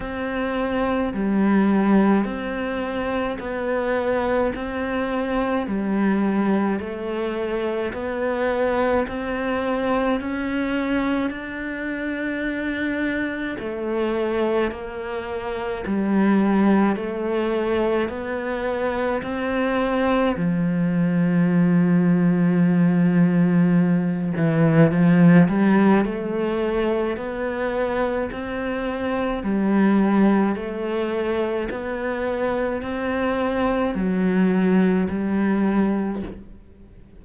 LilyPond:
\new Staff \with { instrumentName = "cello" } { \time 4/4 \tempo 4 = 53 c'4 g4 c'4 b4 | c'4 g4 a4 b4 | c'4 cis'4 d'2 | a4 ais4 g4 a4 |
b4 c'4 f2~ | f4. e8 f8 g8 a4 | b4 c'4 g4 a4 | b4 c'4 fis4 g4 | }